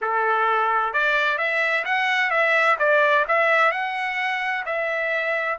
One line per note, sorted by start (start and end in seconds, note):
0.01 0.93 A4
0.93 1.37 D5
1.37 1.84 E5
1.84 2.30 F#5
2.30 2.77 E5
2.78 3.25 D5
3.27 3.71 E5
3.71 4.64 F#5
4.65 5.58 E5